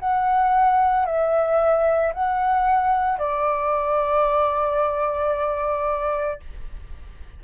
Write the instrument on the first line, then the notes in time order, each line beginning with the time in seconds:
flute
0.00 F#5
1.06 E5
2.14 F#5
3.19 D5